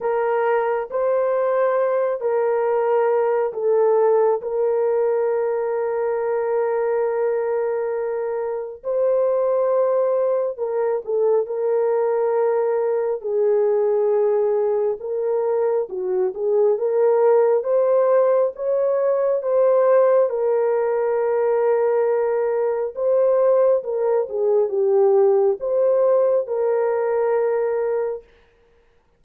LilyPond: \new Staff \with { instrumentName = "horn" } { \time 4/4 \tempo 4 = 68 ais'4 c''4. ais'4. | a'4 ais'2.~ | ais'2 c''2 | ais'8 a'8 ais'2 gis'4~ |
gis'4 ais'4 fis'8 gis'8 ais'4 | c''4 cis''4 c''4 ais'4~ | ais'2 c''4 ais'8 gis'8 | g'4 c''4 ais'2 | }